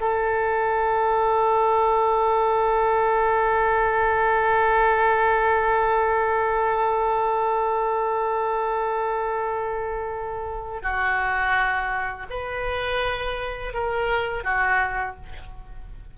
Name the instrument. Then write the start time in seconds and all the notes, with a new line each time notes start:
oboe
0.00 A4
10.82 F#4
12.30 B4
13.73 A#4
14.43 F#4